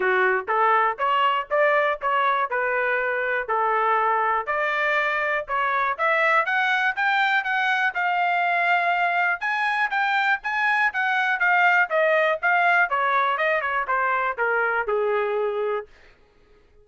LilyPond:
\new Staff \with { instrumentName = "trumpet" } { \time 4/4 \tempo 4 = 121 fis'4 a'4 cis''4 d''4 | cis''4 b'2 a'4~ | a'4 d''2 cis''4 | e''4 fis''4 g''4 fis''4 |
f''2. gis''4 | g''4 gis''4 fis''4 f''4 | dis''4 f''4 cis''4 dis''8 cis''8 | c''4 ais'4 gis'2 | }